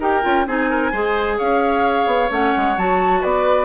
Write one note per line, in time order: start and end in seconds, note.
0.00 0.23 D#4
0.00 0.22 G4
0.00 0.46 A#4
0.00 0.48 G5
0.22 0.47 C#4
0.22 0.46 F4
0.47 0.93 C4
0.47 0.93 D#4
0.47 0.70 G#4
0.47 1.39 G#5
0.70 0.91 A#4
0.91 1.39 G#3
0.91 2.30 G#4
0.91 1.37 C5
1.38 2.06 C#4
1.38 3.21 C#5
1.38 2.31 F5
2.06 2.29 B3
2.30 2.54 A3
2.30 2.76 C#4
2.30 2.78 F#5
2.56 2.77 G#3
2.77 3.23 F#3
2.77 3.65 F#4
2.77 3.23 A5
3.21 3.65 B3
3.21 3.65 B4
3.21 3.65 D5